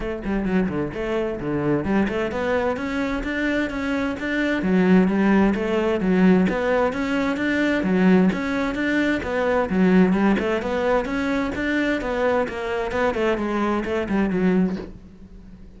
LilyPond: \new Staff \with { instrumentName = "cello" } { \time 4/4 \tempo 4 = 130 a8 g8 fis8 d8 a4 d4 | g8 a8 b4 cis'4 d'4 | cis'4 d'4 fis4 g4 | a4 fis4 b4 cis'4 |
d'4 fis4 cis'4 d'4 | b4 fis4 g8 a8 b4 | cis'4 d'4 b4 ais4 | b8 a8 gis4 a8 g8 fis4 | }